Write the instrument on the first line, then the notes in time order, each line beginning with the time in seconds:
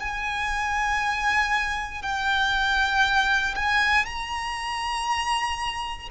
violin
0.00 G#5
2.02 G5
3.55 G#5
4.06 A#5